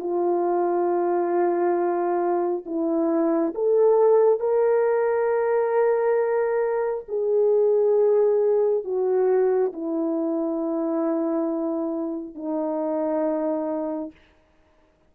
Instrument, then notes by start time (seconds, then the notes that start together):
horn
0.00 F4
2.66 E4
3.55 A4
4.40 A#4
7.09 G#4
8.84 F#4
9.73 E4
12.35 D#4